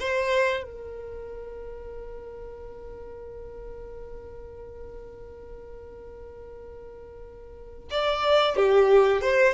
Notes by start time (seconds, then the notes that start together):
0.00 C5
0.64 A#4
7.91 D5
8.57 G4
9.21 C5